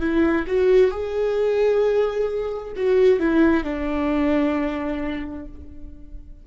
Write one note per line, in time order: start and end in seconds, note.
0.00 0.45 E4
0.47 0.91 F#4
0.91 2.73 G#4
2.76 3.19 F#4
3.19 3.64 E4
3.64 5.45 D4